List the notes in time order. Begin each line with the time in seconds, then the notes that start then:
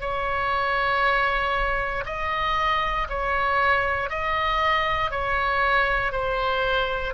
0.00 C#5
2.05 D#5
3.09 C#5
4.10 D#5
5.10 C#5
6.12 C5